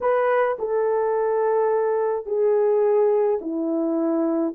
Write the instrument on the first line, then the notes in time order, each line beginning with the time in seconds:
horn
0.00 B4
0.59 A4
2.25 G#4
3.41 E4